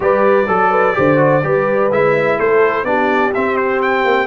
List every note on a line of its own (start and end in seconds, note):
0.00 0.47 G3
0.00 0.44 G4
0.00 0.46 B4
0.00 1.92 D5
0.46 0.95 F#3
0.46 0.70 A4
0.46 0.93 A4
0.70 0.94 B4
0.93 1.43 D3
0.93 1.17 G4
0.93 1.44 C5
1.17 1.40 F#4
1.43 1.90 G3
1.43 1.90 G4
1.43 2.37 B4
1.90 2.38 G#3
1.90 2.85 E4
1.90 2.39 E5
2.37 2.83 A3
2.37 2.85 A4
2.37 2.85 C5
2.83 3.31 B3
2.83 3.33 D4
2.83 4.27 G4
2.83 3.32 D5
3.34 4.27 C4
3.34 4.04 C4
3.34 3.56 E5
3.56 3.80 C5
3.82 4.27 G5
4.04 4.27 A#3